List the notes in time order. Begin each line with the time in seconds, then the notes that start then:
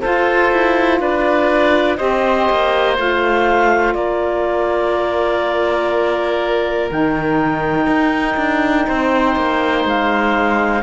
0.00 F4 A4 C5
0.52 E4
1.00 D4 B4 D5
1.96 C4 G4 C5 D#5
2.49 A#3
2.96 A3 F4 F5
3.94 A#3 A#4 D5
6.89 D#3 D#4 G5
7.86 D#4
8.36 D4
8.87 C4 C5
9.36 A#3
9.84 G#3 F5